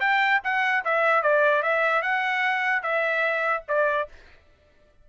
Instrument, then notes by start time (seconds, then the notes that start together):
trumpet
0.00 G5
0.44 F#5
0.85 E5
1.23 D5
1.63 E5
2.02 F#5
2.82 E5
3.68 D5